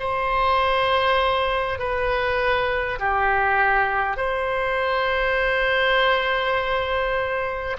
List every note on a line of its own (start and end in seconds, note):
0.00 1.79 C5
1.79 2.99 B4
2.99 4.17 G4
4.17 7.77 C5